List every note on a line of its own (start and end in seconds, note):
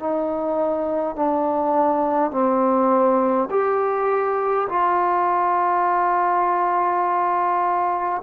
0.00 1.16 D#4
1.16 2.32 D4
2.32 3.49 C4
3.51 4.68 G4
4.70 8.22 F4